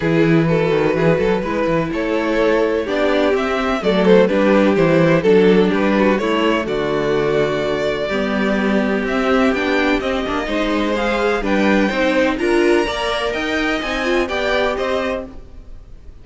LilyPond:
<<
  \new Staff \with { instrumentName = "violin" } { \time 4/4 \tempo 4 = 126 b'1 | cis''2 d''4 e''4 | d''8 c''8 b'4 c''4 a'4 | b'4 cis''4 d''2~ |
d''2. e''4 | g''4 dis''2 f''4 | g''2 ais''2 | g''4 gis''4 g''4 dis''4 | }
  \new Staff \with { instrumentName = "violin" } { \time 4/4 gis'4 a'4 gis'8 a'8 b'4 | a'2 g'2 | a'4 g'2 a'4 | g'8 fis'8 e'4 fis'2~ |
fis'4 g'2.~ | g'2 c''2 | b'4 c''4 ais'4 d''4 | dis''2 d''4 c''4 | }
  \new Staff \with { instrumentName = "viola" } { \time 4/4 e'4 fis'2 e'4~ | e'2 d'4 c'4 | a4 d'4 e'4 d'4~ | d'4 a2.~ |
a4 b2 c'4 | d'4 c'8 d'8 dis'4 gis'4 | d'4 dis'4 f'4 ais'4~ | ais'4 dis'8 f'8 g'2 | }
  \new Staff \with { instrumentName = "cello" } { \time 4/4 e4. dis8 e8 fis8 gis8 e8 | a2 b4 c'4 | fis4 g4 e4 fis4 | g4 a4 d2~ |
d4 g2 c'4 | b4 c'8 ais8 gis2 | g4 c'4 d'4 ais4 | dis'4 c'4 b4 c'4 | }
>>